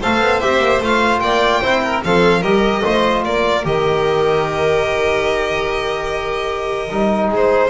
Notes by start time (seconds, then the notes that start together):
0.00 A3 A4 C5 F5
0.20 B3
0.40 C4 G4 E5
0.59 A#3
0.80 A3 F4 F5
1.19 A#3 D5 G5
1.61 C4 E4 C5
1.83 A#4
2.04 F3 C4 A4 F5
2.40 G3 G4 A#4 D#5
2.83 A3 F4 C5
3.24 A#3 A#4 D5
3.63 D#3 G4 D#5
6.89 G3 D#4
7.28 G#3 G#4
7.35 C5